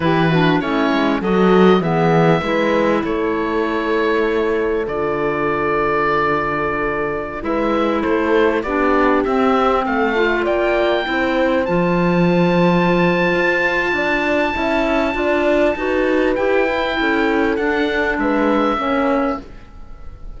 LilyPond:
<<
  \new Staff \with { instrumentName = "oboe" } { \time 4/4 \tempo 4 = 99 b'4 cis''4 dis''4 e''4~ | e''4 cis''2. | d''1~ | d''16 e''4 c''4 d''4 e''8.~ |
e''16 f''4 g''2 a''8.~ | a''1~ | a''2. g''4~ | g''4 fis''4 e''2 | }
  \new Staff \with { instrumentName = "horn" } { \time 4/4 g'8 fis'8 e'4 a'4 gis'4 | b'4 a'2.~ | a'1~ | a'16 b'4 a'4 g'4.~ g'16~ |
g'16 a'4 d''4 c''4.~ c''16~ | c''2. d''4 | e''4 d''4 b'2 | a'2 b'4 cis''4 | }
  \new Staff \with { instrumentName = "clarinet" } { \time 4/4 e'8 d'8 cis'4 fis'4 b4 | e'1 | f'1~ | f'16 e'2 d'4 c'8.~ |
c'8. f'4. e'4 f'8.~ | f'1 | e'4 f'4 fis'4 g'8 e'8~ | e'4 d'2 cis'4 | }
  \new Staff \with { instrumentName = "cello" } { \time 4/4 e4 a8 gis8 fis4 e4 | gis4 a2. | d1~ | d16 gis4 a4 b4 c'8.~ |
c'16 a4 ais4 c'4 f8.~ | f2 f'4 d'4 | cis'4 d'4 dis'4 e'4 | cis'4 d'4 gis4 ais4 | }
>>